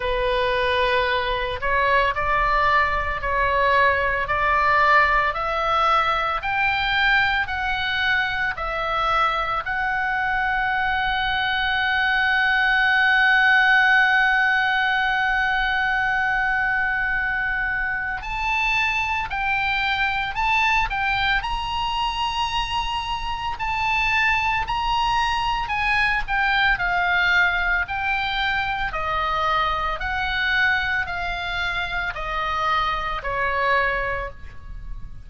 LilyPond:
\new Staff \with { instrumentName = "oboe" } { \time 4/4 \tempo 4 = 56 b'4. cis''8 d''4 cis''4 | d''4 e''4 g''4 fis''4 | e''4 fis''2.~ | fis''1~ |
fis''4 a''4 g''4 a''8 g''8 | ais''2 a''4 ais''4 | gis''8 g''8 f''4 g''4 dis''4 | fis''4 f''4 dis''4 cis''4 | }